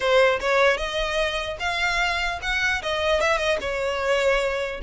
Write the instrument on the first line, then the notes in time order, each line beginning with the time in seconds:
violin
0.00 C5
0.40 C#5
0.77 D#5
1.59 F5
2.42 F#5
2.82 D#5
3.21 E5
3.37 D#5
3.60 C#5